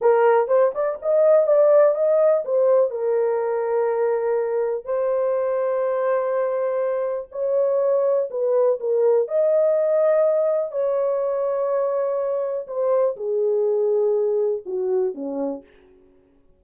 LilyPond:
\new Staff \with { instrumentName = "horn" } { \time 4/4 \tempo 4 = 123 ais'4 c''8 d''8 dis''4 d''4 | dis''4 c''4 ais'2~ | ais'2 c''2~ | c''2. cis''4~ |
cis''4 b'4 ais'4 dis''4~ | dis''2 cis''2~ | cis''2 c''4 gis'4~ | gis'2 fis'4 cis'4 | }